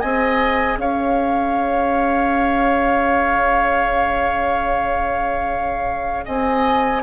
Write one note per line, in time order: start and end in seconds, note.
0.00 0.77 C4
0.00 7.02 G#4
0.00 0.78 D#5
0.00 0.78 G#5
0.77 6.23 C#4
0.77 6.25 C#5
0.77 6.25 F5
6.25 7.03 C4
6.25 7.03 D#5
6.25 7.03 G#5